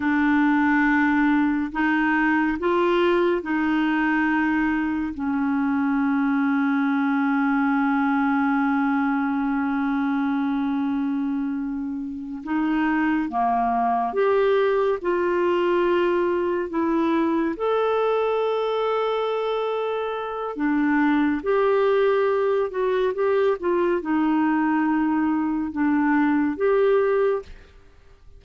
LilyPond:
\new Staff \with { instrumentName = "clarinet" } { \time 4/4 \tempo 4 = 70 d'2 dis'4 f'4 | dis'2 cis'2~ | cis'1~ | cis'2~ cis'8 dis'4 ais8~ |
ais8 g'4 f'2 e'8~ | e'8 a'2.~ a'8 | d'4 g'4. fis'8 g'8 f'8 | dis'2 d'4 g'4 | }